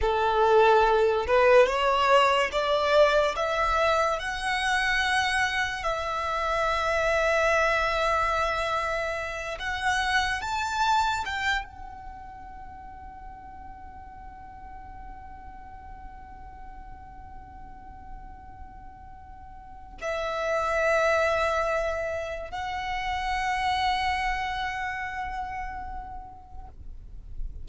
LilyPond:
\new Staff \with { instrumentName = "violin" } { \time 4/4 \tempo 4 = 72 a'4. b'8 cis''4 d''4 | e''4 fis''2 e''4~ | e''2.~ e''8 fis''8~ | fis''8 a''4 g''8 fis''2~ |
fis''1~ | fis''1 | e''2. fis''4~ | fis''1 | }